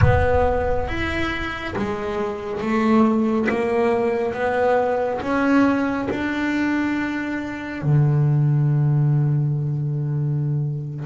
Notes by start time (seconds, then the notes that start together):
0.01 B3
0.87 E4
1.76 G#3
2.60 A3
3.49 A#3
4.33 B3
5.21 C#4
6.10 D4
7.82 D3